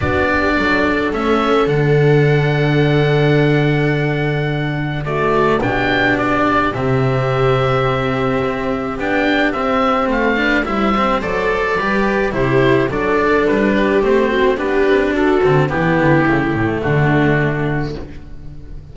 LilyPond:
<<
  \new Staff \with { instrumentName = "oboe" } { \time 4/4 \tempo 4 = 107 d''2 e''4 fis''4~ | fis''1~ | fis''4 d''4 g''4 d''4 | e''1 |
g''4 e''4 f''4 e''4 | d''2 c''4 d''4 | b'4 c''4 b'4 a'4 | g'2 fis'2 | }
  \new Staff \with { instrumentName = "viola" } { \time 4/4 fis'8 g'8 a'2.~ | a'1~ | a'4 fis'4 g'2~ | g'1~ |
g'2 a'8 b'8 c''4~ | c''4 b'4 g'4 a'4~ | a'8 g'4 fis'8 g'4 fis'4 | e'2 d'2 | }
  \new Staff \with { instrumentName = "cello" } { \time 4/4 d'2 cis'4 d'4~ | d'1~ | d'4 a4 d'2 | c'1 |
d'4 c'4. d'8 e'8 c'8 | a'4 g'4 e'4 d'4~ | d'4 c'4 d'4. c'8 | b4 a2. | }
  \new Staff \with { instrumentName = "double bass" } { \time 4/4 b4 fis4 a4 d4~ | d1~ | d2 b,2 | c2. c'4 |
b4 c'4 a4 g4 | fis4 g4 c4 fis4 | g4 a4 b8 c'8 d'8 d8 | e8 d8 cis8 a,8 d2 | }
>>